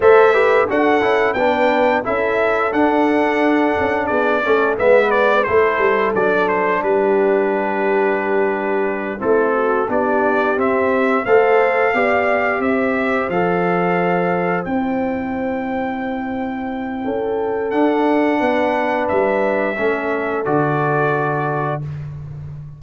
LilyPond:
<<
  \new Staff \with { instrumentName = "trumpet" } { \time 4/4 \tempo 4 = 88 e''4 fis''4 g''4 e''4 | fis''2 d''4 e''8 d''8 | c''4 d''8 c''8 b'2~ | b'4. a'4 d''4 e''8~ |
e''8 f''2 e''4 f''8~ | f''4. g''2~ g''8~ | g''2 fis''2 | e''2 d''2 | }
  \new Staff \with { instrumentName = "horn" } { \time 4/4 c''8 b'8 a'4 b'4 a'4~ | a'2 gis'8 a'8 b'4 | a'2 g'2~ | g'4. e'8 fis'8 g'4.~ |
g'8 c''4 d''4 c''4.~ | c''1~ | c''4 a'2 b'4~ | b'4 a'2. | }
  \new Staff \with { instrumentName = "trombone" } { \time 4/4 a'8 g'8 fis'8 e'8 d'4 e'4 | d'2~ d'8 cis'8 b4 | e'4 d'2.~ | d'4. c'4 d'4 c'8~ |
c'8 a'4 g'2 a'8~ | a'4. e'2~ e'8~ | e'2 d'2~ | d'4 cis'4 fis'2 | }
  \new Staff \with { instrumentName = "tuba" } { \time 4/4 a4 d'8 cis'8 b4 cis'4 | d'4. cis'8 b8 a8 gis4 | a8 g8 fis4 g2~ | g4. a4 b4 c'8~ |
c'8 a4 b4 c'4 f8~ | f4. c'2~ c'8~ | c'4 cis'4 d'4 b4 | g4 a4 d2 | }
>>